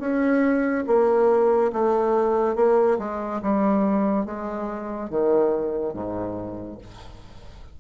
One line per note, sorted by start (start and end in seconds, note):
0.00 0.85 C#4
0.87 1.72 A#3
1.73 2.56 A3
2.56 2.98 A#3
2.99 3.41 G#3
3.43 4.26 G3
4.26 5.10 G#3
5.10 5.94 D#3
5.94 6.78 G#2